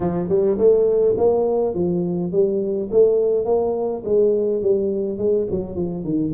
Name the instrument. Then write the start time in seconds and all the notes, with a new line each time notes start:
tuba
0.00 F3
0.28 G3
0.58 A3
1.17 A#3
1.74 F3
2.32 G3
2.91 A3
3.45 A#3
4.04 G#3
4.62 G3
5.18 G#3
5.50 F#3
5.75 F3
6.04 D#3